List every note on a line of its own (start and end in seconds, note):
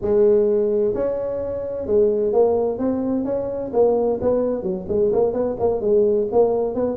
0.01 0.94 G#3
0.94 1.86 C#4
1.86 2.32 G#3
2.33 2.78 A#3
2.78 3.25 C4
3.25 3.71 C#4
3.73 4.19 A#3
4.21 4.62 B3
4.62 4.86 F#3
4.88 5.11 G#3
5.12 5.33 A#3
5.33 5.56 B3
5.59 5.81 A#3
5.81 6.27 G#3
6.31 6.74 A#3
6.74 6.96 B3